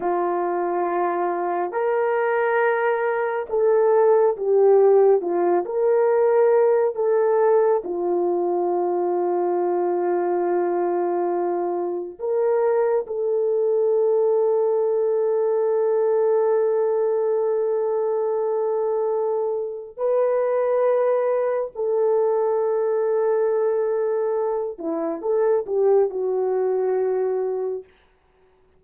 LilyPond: \new Staff \with { instrumentName = "horn" } { \time 4/4 \tempo 4 = 69 f'2 ais'2 | a'4 g'4 f'8 ais'4. | a'4 f'2.~ | f'2 ais'4 a'4~ |
a'1~ | a'2. b'4~ | b'4 a'2.~ | a'8 e'8 a'8 g'8 fis'2 | }